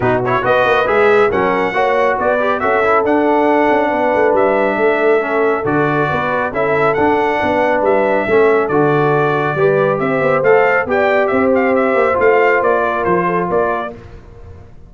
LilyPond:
<<
  \new Staff \with { instrumentName = "trumpet" } { \time 4/4 \tempo 4 = 138 b'8 cis''8 dis''4 e''4 fis''4~ | fis''4 d''4 e''4 fis''4~ | fis''2 e''2~ | e''4 d''2 e''4 |
fis''2 e''2 | d''2. e''4 | f''4 g''4 e''8 f''8 e''4 | f''4 d''4 c''4 d''4 | }
  \new Staff \with { instrumentName = "horn" } { \time 4/4 fis'4 b'2 ais'4 | cis''4 b'4 a'2~ | a'4 b'2 a'4~ | a'2 b'4 a'4~ |
a'4 b'2 a'4~ | a'2 b'4 c''4~ | c''4 d''4 c''2~ | c''4. ais'4 a'8 ais'4 | }
  \new Staff \with { instrumentName = "trombone" } { \time 4/4 dis'8 e'8 fis'4 gis'4 cis'4 | fis'4. g'8 fis'8 e'8 d'4~ | d'1 | cis'4 fis'2 e'4 |
d'2. cis'4 | fis'2 g'2 | a'4 g'2. | f'1 | }
  \new Staff \with { instrumentName = "tuba" } { \time 4/4 b,4 b8 ais8 gis4 fis4 | ais4 b4 cis'4 d'4~ | d'8 cis'8 b8 a8 g4 a4~ | a4 d4 b4 cis'4 |
d'4 b4 g4 a4 | d2 g4 c'8 b8 | a4 b4 c'4. ais8 | a4 ais4 f4 ais4 | }
>>